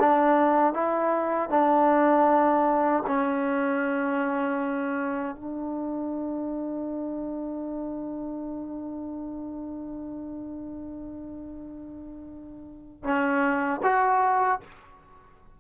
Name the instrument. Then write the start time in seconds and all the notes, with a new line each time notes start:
trombone
0.00 D4
0.73 E4
1.50 D4
3.07 C#4
5.35 D4
13.04 C#4
13.83 F#4